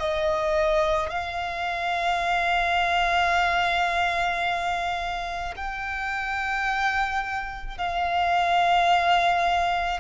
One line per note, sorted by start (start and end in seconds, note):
0.00 1.10 D#5
1.10 5.55 F5
5.57 7.78 G5
7.78 10.01 F5